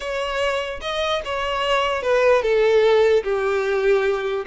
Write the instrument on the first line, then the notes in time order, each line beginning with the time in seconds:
violin
0.00 C#5
0.81 D#5
1.24 C#5
2.02 B4
2.42 A4
3.23 G4